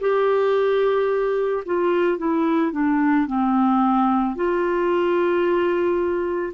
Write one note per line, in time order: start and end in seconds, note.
0.00 1.64 G4
1.66 2.18 F4
2.18 2.72 E4
2.72 3.26 D4
3.26 4.35 C4
4.35 6.54 F4